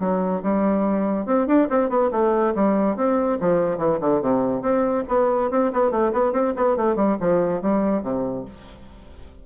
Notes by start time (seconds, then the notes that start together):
0.00 F#3
0.43 G3
1.26 C4
1.47 D4
1.70 C4
1.89 B3
2.12 A3
2.55 G3
2.96 C4
3.40 F3
3.78 E3
4.01 D3
4.22 C3
4.62 C4
5.08 B3
5.51 C4
5.73 B3
5.91 A3
6.12 B3
6.33 C4
6.56 B3
6.77 A3
6.96 G3
7.20 F3
7.62 G3
8.03 C3